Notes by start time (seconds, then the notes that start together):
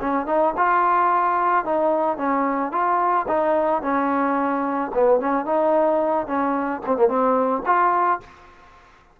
0.00 C#4
0.26 D#4
0.57 F4
1.65 D#4
2.17 C#4
2.71 F4
3.28 D#4
3.82 C#4
4.94 B3
5.20 C#4
5.45 D#4
6.27 C#4
6.85 C4
6.97 A#3
7.08 C4
7.65 F4